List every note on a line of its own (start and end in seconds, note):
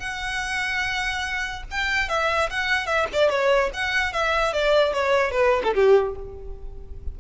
0.00 1.63 F#5
1.71 2.09 G5
2.09 2.50 E5
2.50 2.86 F#5
2.86 3.07 E5
3.13 3.30 D5
3.30 3.71 C#5
3.74 4.13 F#5
4.13 4.53 E5
4.53 4.93 D5
4.93 5.31 C#5
5.31 5.62 B4
5.64 5.74 A4
5.75 6.15 G4